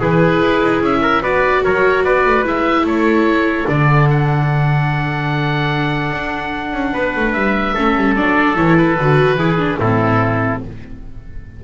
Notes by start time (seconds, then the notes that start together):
0.00 E3 E4 G#4 B4
0.42 E4
0.62 D#4
0.81 C#4 E5
1.01 A#4
1.22 B3 F#4 B4 D5
1.64 F#3 A#4 C#5
2.04 B3 B4 D5
2.25 A3
2.44 G#3 E4 E5
2.84 A3 A4 C#5
3.68 D3 D4 D5
4.10 F#5
6.11 D4
6.73 C#4
6.93 B3 B4
7.16 A3
7.33 G3 E5
7.74 A3 C#4 A4
7.96 G3
8.16 F#3 D4 D5
8.56 E3 E4 C#5
8.77 B4
8.98 D3 F#4
9.36 E3 E4 G#4
9.58 D4
9.79 A2 C4 E4 A4